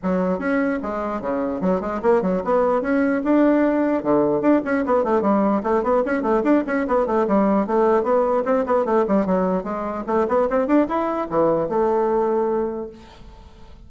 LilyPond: \new Staff \with { instrumentName = "bassoon" } { \time 4/4 \tempo 4 = 149 fis4 cis'4 gis4 cis4 | fis8 gis8 ais8 fis8 b4 cis'4 | d'2 d4 d'8 cis'8 | b8 a8 g4 a8 b8 cis'8 a8 |
d'8 cis'8 b8 a8 g4 a4 | b4 c'8 b8 a8 g8 fis4 | gis4 a8 b8 c'8 d'8 e'4 | e4 a2. | }